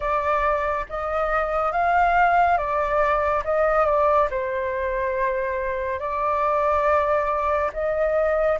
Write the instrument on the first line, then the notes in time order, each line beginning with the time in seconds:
flute
0.00 D5
0.89 D#5
1.72 F5
2.57 D5
3.44 D#5
3.85 D5
4.30 C5
5.99 D5
7.73 D#5